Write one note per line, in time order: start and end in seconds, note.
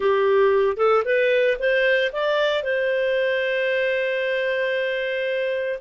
0.00 0.76 G4
0.76 1.03 A4
1.04 1.57 B4
1.59 2.11 C5
2.12 2.63 D5
2.63 5.78 C5